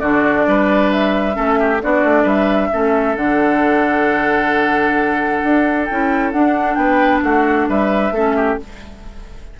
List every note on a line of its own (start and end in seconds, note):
0.00 0.47 D3
0.00 1.33 D4
0.00 0.46 F#4
0.00 0.90 D5
0.47 1.37 G3
0.47 1.36 B4
0.92 1.82 E5
1.33 1.83 A3
1.33 1.78 C#4
1.33 1.59 A4
1.60 1.82 G4
1.83 2.05 B3
1.83 2.72 D4
1.83 2.23 F#4
1.83 2.28 D5
2.05 2.25 A3
2.23 2.70 G3
2.23 2.68 B4
2.23 3.16 E5
2.72 3.16 A3
2.72 3.17 C#4
2.72 6.79 A4
3.16 5.42 D3
3.16 5.87 D4
3.16 5.86 F#5
5.44 5.89 D4
5.86 6.34 C#4
5.86 6.34 E4
5.86 6.31 G5
6.32 6.77 D4
6.32 8.14 D4
6.32 6.75 F#5
6.75 7.22 B3
6.75 7.24 B4
6.75 7.20 G5
7.23 7.68 A3
7.23 7.69 F#4
7.23 7.69 F#5
7.69 8.12 G3
7.69 8.14 B4
7.69 8.60 E5
8.12 8.57 A3
8.12 8.60 C#4
8.12 8.36 A4
8.36 8.59 G4